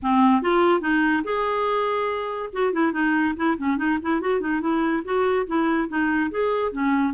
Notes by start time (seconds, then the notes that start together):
0.02 C4
0.42 F4
0.81 D#4
1.23 G#4
2.52 F#4
2.73 E4
2.92 D#4
3.36 E4
3.57 C#4
3.77 D#4
4.01 E4
4.20 F#4
4.40 D#4
4.60 E4
5.04 F#4
5.46 E4
5.88 D#4
6.31 G#4
6.71 C#4